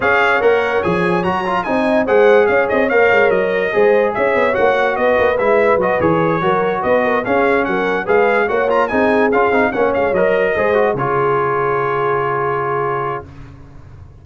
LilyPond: <<
  \new Staff \with { instrumentName = "trumpet" } { \time 4/4 \tempo 4 = 145 f''4 fis''4 gis''4 ais''4 | gis''4 fis''4 f''8 dis''8 f''4 | dis''2 e''4 fis''4 | dis''4 e''4 dis''8 cis''4.~ |
cis''8 dis''4 f''4 fis''4 f''8~ | f''8 fis''8 ais''8 gis''4 f''4 fis''8 | f''8 dis''2 cis''4.~ | cis''1 | }
  \new Staff \with { instrumentName = "horn" } { \time 4/4 cis''1 | dis''4 c''4 cis''2~ | cis''4 c''4 cis''2 | b'2.~ b'8 ais'8~ |
ais'8 b'8 ais'8 gis'4 ais'4 b'8~ | b'8 cis''4 gis'2 cis''8~ | cis''4. c''4 gis'4.~ | gis'1 | }
  \new Staff \with { instrumentName = "trombone" } { \time 4/4 gis'4 ais'4 gis'4 fis'8 f'8 | dis'4 gis'2 ais'4~ | ais'4 gis'2 fis'4~ | fis'4 e'4 fis'8 gis'4 fis'8~ |
fis'4. cis'2 gis'8~ | gis'8 fis'8 f'8 dis'4 f'8 dis'8 cis'8~ | cis'8 ais'4 gis'8 fis'8 f'4.~ | f'1 | }
  \new Staff \with { instrumentName = "tuba" } { \time 4/4 cis'4 ais4 f4 fis4 | c'4 gis4 cis'8 c'8 ais8 gis8 | fis4 gis4 cis'8 b8 ais4 | b8 ais8 gis4 fis8 e4 fis8~ |
fis8 b4 cis'4 fis4 gis8~ | gis8 ais4 c'4 cis'8 c'8 ais8 | gis8 fis4 gis4 cis4.~ | cis1 | }
>>